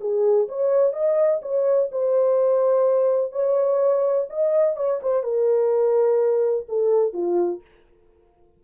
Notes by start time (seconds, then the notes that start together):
0.00 G#4
0.48 C#5
0.92 D#5
1.42 C#5
1.91 C5
3.32 C#5
4.29 D#5
4.76 C#5
5.02 C5
5.23 A#4
6.68 A4
7.13 F4